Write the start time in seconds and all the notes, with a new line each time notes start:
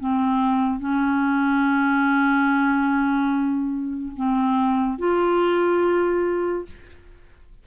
0.00 C4
0.80 C#4
4.16 C4
4.99 F4